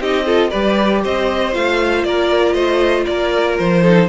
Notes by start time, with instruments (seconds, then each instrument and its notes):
0.00 cello C4, viola D#4, violin G4 D#5
0.26 viola F4, violin A4
0.50 cello G3, viola G4, violin B4 D5
1.04 cello C4, violin C5 D#5
1.53 cello A3, viola F4, violin F5
2.04 cello A#3, violin A#4 D5
2.53 cello A3, violin C5 D#5
3.06 cello A#3, violin A#4 D5
3.59 cello F3, violin C5
3.83 viola D#4, violin A4